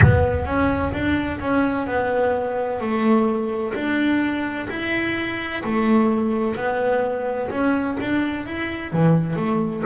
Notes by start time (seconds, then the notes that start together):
0.02 B3
0.45 C#4
0.92 D4
1.40 C#4
1.86 B3
2.80 A3
3.74 D4
4.69 E4
5.64 A3
6.56 B3
7.50 C#4
8.00 D4
8.46 E4
8.92 E3
9.36 A3